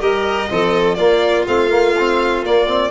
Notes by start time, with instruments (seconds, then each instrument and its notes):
0.00 tuba G3, trombone G4, violin A#4 D#5
0.49 tuba F3, trombone C4, violin A4
0.95 tuba A#3, trombone A#3, violin F4 D5
1.45 tuba A3, trombone C4, violin F5
1.70 trombone A#3
1.99 trombone C4
2.43 tuba A#3, trombone A#3, violin D5
2.66 trombone C4